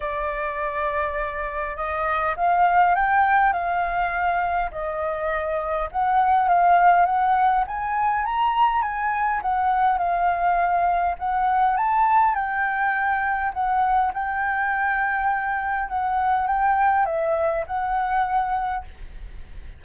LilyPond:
\new Staff \with { instrumentName = "flute" } { \time 4/4 \tempo 4 = 102 d''2. dis''4 | f''4 g''4 f''2 | dis''2 fis''4 f''4 | fis''4 gis''4 ais''4 gis''4 |
fis''4 f''2 fis''4 | a''4 g''2 fis''4 | g''2. fis''4 | g''4 e''4 fis''2 | }